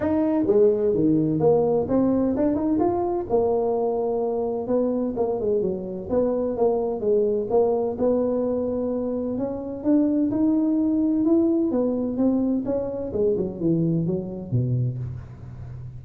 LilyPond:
\new Staff \with { instrumentName = "tuba" } { \time 4/4 \tempo 4 = 128 dis'4 gis4 dis4 ais4 | c'4 d'8 dis'8 f'4 ais4~ | ais2 b4 ais8 gis8 | fis4 b4 ais4 gis4 |
ais4 b2. | cis'4 d'4 dis'2 | e'4 b4 c'4 cis'4 | gis8 fis8 e4 fis4 b,4 | }